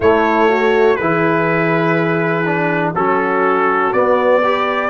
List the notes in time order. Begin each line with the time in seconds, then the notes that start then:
0.00 A3 E4 C#5
0.48 F#4
0.95 E3 E4 G#4 B4
2.45 D4
2.94 F#3 C#4 F#4 A4
3.92 B3 D5
4.42 G4 B4